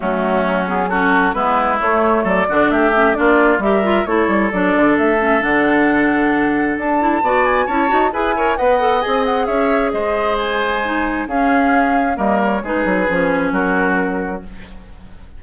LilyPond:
<<
  \new Staff \with { instrumentName = "flute" } { \time 4/4 \tempo 4 = 133 fis'4. gis'8 a'4 b'4 | cis''4 d''4 e''4 d''4 | e''4 cis''4 d''4 e''4 | fis''2. a''4~ |
a''8 gis''8 a''4 gis''4 fis''4 | gis''8 fis''8 e''4 dis''4 gis''4~ | gis''4 f''2 dis''8 cis''8 | b'2 ais'2 | }
  \new Staff \with { instrumentName = "oboe" } { \time 4/4 cis'2 fis'4 e'4~ | e'4 a'8 fis'8 g'4 f'4 | ais'4 a'2.~ | a'1 |
d''4 cis''4 b'8 cis''8 dis''4~ | dis''4 cis''4 c''2~ | c''4 gis'2 ais'4 | gis'2 fis'2 | }
  \new Staff \with { instrumentName = "clarinet" } { \time 4/4 a4. b8 cis'4 b4 | a4. d'4 cis'8 d'4 | g'8 f'8 e'4 d'4. cis'8 | d'2.~ d'8 e'8 |
fis'4 e'8 fis'8 gis'8 ais'8 b'8 a'8 | gis'1 | dis'4 cis'2 ais4 | dis'4 cis'2. | }
  \new Staff \with { instrumentName = "bassoon" } { \time 4/4 fis2. gis4 | a4 fis8 d8 a4 ais4 | g4 a8 g8 fis8 d8 a4 | d2. d'4 |
b4 cis'8 dis'8 e'4 b4 | c'4 cis'4 gis2~ | gis4 cis'2 g4 | gis8 fis8 f4 fis2 | }
>>